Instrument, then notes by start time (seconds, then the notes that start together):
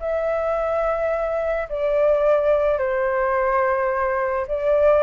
flute
0.00 E5
1.69 D5
2.78 C5
4.48 D5